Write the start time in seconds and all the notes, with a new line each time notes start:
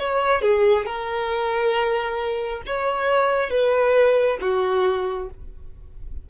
0.00 C#5
0.43 G#4
0.86 A#4
2.67 C#5
3.51 B4
4.42 F#4